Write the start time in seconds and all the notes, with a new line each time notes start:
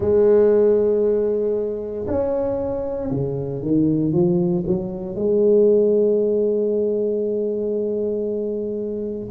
0.00 G#3
2.07 C#4
3.10 C#3
3.62 D#3
4.12 F3
4.66 F#3
5.14 G#3